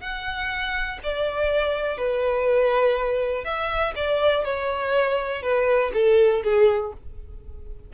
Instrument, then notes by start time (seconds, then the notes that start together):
violin
0.00 F#5
1.03 D5
1.97 B4
3.44 E5
3.95 D5
4.44 C#5
5.42 B4
5.93 A4
6.43 G#4